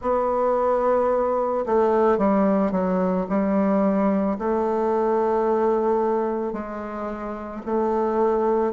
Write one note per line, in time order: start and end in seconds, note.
0.01 1.65 B3
1.66 2.18 A3
2.18 2.71 G3
2.71 3.26 F#3
3.29 4.38 G3
4.38 6.52 A3
6.52 7.61 G#3
7.65 8.73 A3